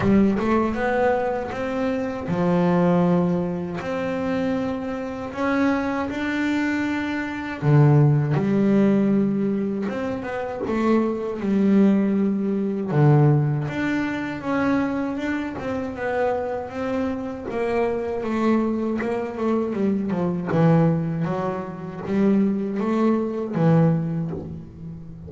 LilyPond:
\new Staff \with { instrumentName = "double bass" } { \time 4/4 \tempo 4 = 79 g8 a8 b4 c'4 f4~ | f4 c'2 cis'4 | d'2 d4 g4~ | g4 c'8 b8 a4 g4~ |
g4 d4 d'4 cis'4 | d'8 c'8 b4 c'4 ais4 | a4 ais8 a8 g8 f8 e4 | fis4 g4 a4 e4 | }